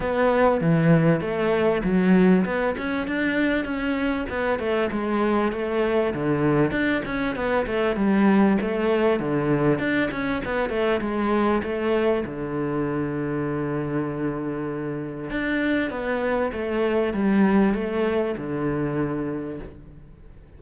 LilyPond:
\new Staff \with { instrumentName = "cello" } { \time 4/4 \tempo 4 = 98 b4 e4 a4 fis4 | b8 cis'8 d'4 cis'4 b8 a8 | gis4 a4 d4 d'8 cis'8 | b8 a8 g4 a4 d4 |
d'8 cis'8 b8 a8 gis4 a4 | d1~ | d4 d'4 b4 a4 | g4 a4 d2 | }